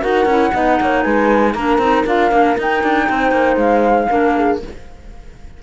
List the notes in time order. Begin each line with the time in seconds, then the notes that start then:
0.00 D#4 F#4 A#4 F#5
0.25 C#4 E4
0.53 B3 D#4 D#5
0.81 A#3 C#5
1.02 G#3 B4 G#5
1.54 A#3 D4 A#4 A#5
1.78 C4 D#4
2.06 D4 F4 F5
2.30 A#3 D4
2.57 D#4 G5
2.83 D4
3.09 C4 C5
3.31 A#3
3.56 G#3 F5
4.08 A#3 D4 A#4
4.36 G#4